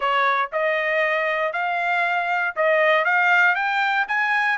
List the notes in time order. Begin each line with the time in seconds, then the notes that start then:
0.00 C#5
0.52 D#5
1.53 F5
2.56 D#5
3.05 F5
3.55 G5
4.08 G#5